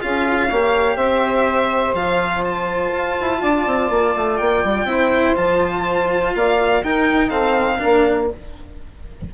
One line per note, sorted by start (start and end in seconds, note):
0.00 0.51 C#4
0.00 0.49 F4
0.00 0.47 G#4
0.00 0.96 F5
0.47 0.96 A#3
0.47 1.95 G4
0.47 0.95 C#5
0.95 1.93 C4
0.95 3.39 C5
0.95 1.94 E5
1.93 2.91 F3
1.93 4.87 F4
1.93 2.43 F5
2.44 4.36 A5
2.92 3.16 F4
3.20 3.42 E4
3.40 3.66 D4
3.40 4.87 D5
3.66 3.90 C4
3.90 4.14 A#3
4.15 4.40 A3
4.36 4.64 A#3
4.36 5.34 G5
4.64 4.84 G3
4.84 5.33 C4
4.84 5.35 E4
4.84 6.34 C5
5.35 6.34 F3
5.35 6.82 F4
5.35 6.33 A5
6.34 6.83 A#3
6.34 6.83 D5
6.34 6.83 F5
6.83 7.80 D#4
6.83 7.30 D#4
6.83 7.27 A#4
6.83 7.29 G5
7.27 7.78 C4
7.27 7.76 A4
7.27 8.27 F5
7.78 8.27 D4
7.78 8.28 A#4
7.84 8.33 A#3